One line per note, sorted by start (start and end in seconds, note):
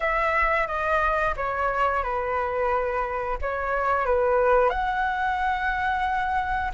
0.00 0.67 E5
0.67 1.34 D#5
1.36 2.03 C#5
2.03 3.37 B4
3.41 4.05 C#5
4.05 4.69 B4
4.69 6.71 F#5